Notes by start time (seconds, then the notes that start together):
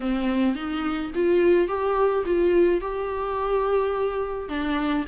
0.00 C4
0.55 D#4
1.14 F4
1.67 G4
2.25 F4
2.80 G4
4.48 D4